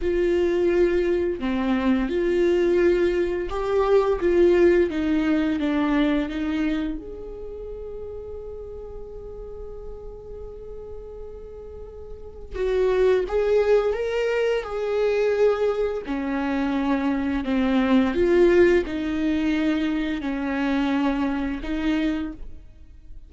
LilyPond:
\new Staff \with { instrumentName = "viola" } { \time 4/4 \tempo 4 = 86 f'2 c'4 f'4~ | f'4 g'4 f'4 dis'4 | d'4 dis'4 gis'2~ | gis'1~ |
gis'2 fis'4 gis'4 | ais'4 gis'2 cis'4~ | cis'4 c'4 f'4 dis'4~ | dis'4 cis'2 dis'4 | }